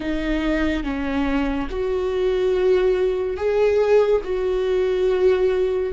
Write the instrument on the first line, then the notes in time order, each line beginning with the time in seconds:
viola
0.00 D#4
0.83 C#4
1.69 F#4
3.36 G#4
4.23 F#4